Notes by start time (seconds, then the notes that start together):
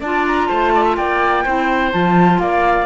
0.00 D4 F4 D5 A5
0.27 A#5
0.48 A3 C5 A5
0.75 D5
0.84 E5
0.96 A#3 D5 G5
1.44 C4 E4 C5
1.92 F3 F4 A5
2.38 A#3 D5 F5